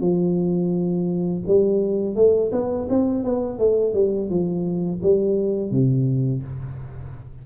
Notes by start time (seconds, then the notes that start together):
0.00 F3
1.47 G3
2.15 A3
2.52 B3
2.89 C4
3.24 B3
3.58 A3
3.94 G3
4.29 F3
5.02 G3
5.71 C3